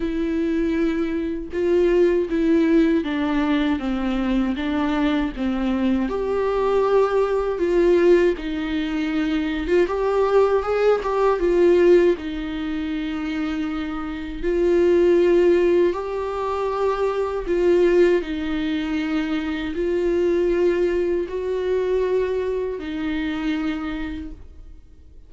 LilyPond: \new Staff \with { instrumentName = "viola" } { \time 4/4 \tempo 4 = 79 e'2 f'4 e'4 | d'4 c'4 d'4 c'4 | g'2 f'4 dis'4~ | dis'8. f'16 g'4 gis'8 g'8 f'4 |
dis'2. f'4~ | f'4 g'2 f'4 | dis'2 f'2 | fis'2 dis'2 | }